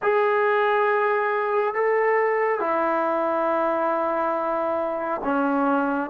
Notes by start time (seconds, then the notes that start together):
0.02 G#4
1.74 A4
2.60 E4
5.24 C#4